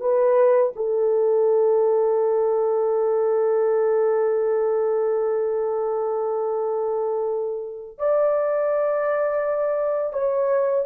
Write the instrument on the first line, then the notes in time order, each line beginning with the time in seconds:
horn
0.00 B4
0.76 A4
7.98 D5
10.13 C#5